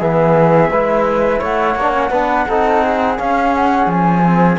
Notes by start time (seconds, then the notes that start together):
0.00 E3 B3 G#4 E5
0.71 G#3 E4 B4
1.40 A3 C#5 F#5
1.75 A#3 D4
1.93 C#4
2.11 B3 D4 B4
2.49 C4 D#4 A4
2.84 G#4
3.17 C#4 F5
3.55 F#5
3.87 F3 G#5
4.24 C4